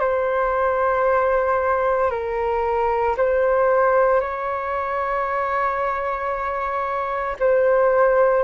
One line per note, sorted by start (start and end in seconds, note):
0.00 2.11 C5
2.11 3.16 A#4
3.17 4.21 C5
4.21 7.36 C#5
7.40 8.44 C5